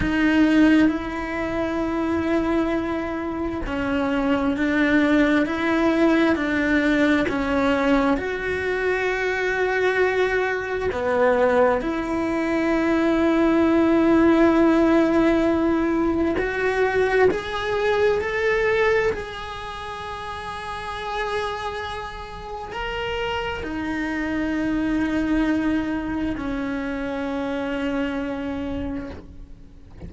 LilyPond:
\new Staff \with { instrumentName = "cello" } { \time 4/4 \tempo 4 = 66 dis'4 e'2. | cis'4 d'4 e'4 d'4 | cis'4 fis'2. | b4 e'2.~ |
e'2 fis'4 gis'4 | a'4 gis'2.~ | gis'4 ais'4 dis'2~ | dis'4 cis'2. | }